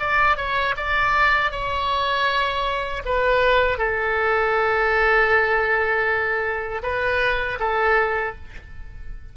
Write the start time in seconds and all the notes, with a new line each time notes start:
0.00 D5
0.37 C#5
0.77 D5
1.52 C#5
3.06 B4
3.78 A4
6.83 B4
7.60 A4